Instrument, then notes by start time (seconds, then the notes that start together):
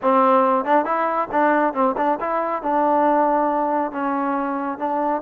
trombone
0.01 C4
0.64 D4
0.85 E4
1.31 D4
1.73 C4
1.97 D4
2.20 E4
2.62 D4
3.91 C#4
4.78 D4